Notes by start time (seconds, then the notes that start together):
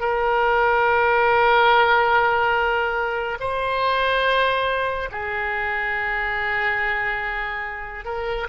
0.00 A#4
3.40 C5
5.11 G#4
8.05 A#4